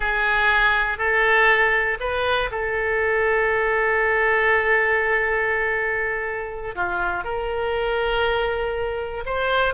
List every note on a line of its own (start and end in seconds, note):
0.00 0.98 G#4
0.98 1.98 A4
2.00 2.50 B4
2.51 6.75 A4
6.75 7.24 F4
7.24 9.24 A#4
9.25 9.74 C5